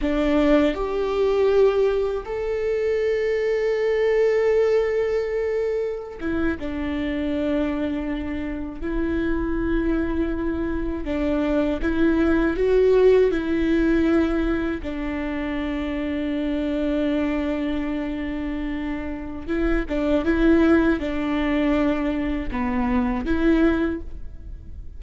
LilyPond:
\new Staff \with { instrumentName = "viola" } { \time 4/4 \tempo 4 = 80 d'4 g'2 a'4~ | a'1~ | a'16 e'8 d'2. e'16~ | e'2~ e'8. d'4 e'16~ |
e'8. fis'4 e'2 d'16~ | d'1~ | d'2 e'8 d'8 e'4 | d'2 b4 e'4 | }